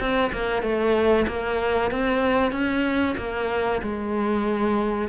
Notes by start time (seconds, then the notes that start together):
0.00 C4
0.33 A#3
0.63 A3
1.28 A#3
1.91 C4
2.52 C#4
3.18 A#3
3.83 G#3